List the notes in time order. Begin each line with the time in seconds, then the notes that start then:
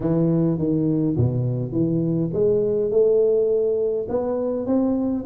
0.00 E3
0.57 D#3
1.16 B2
1.72 E3
2.33 G#3
2.90 A3
4.09 B3
4.66 C4